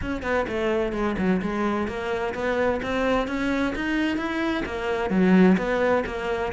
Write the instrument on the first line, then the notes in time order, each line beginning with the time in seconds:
cello
0.01 C#4
0.22 B3
0.48 A3
0.92 G#3
1.18 F#3
1.42 G#3
1.87 A#3
2.34 B3
2.82 C4
3.27 C#4
3.75 D#4
4.17 E4
4.65 A#3
5.10 F#3
5.57 B3
6.06 A#3